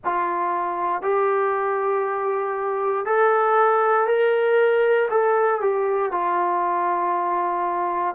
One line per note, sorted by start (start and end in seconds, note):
0.04 1.02 F4
1.02 3.05 G4
3.05 4.07 A4
4.07 5.08 A#4
5.10 5.61 A4
5.61 6.11 G4
6.11 8.14 F4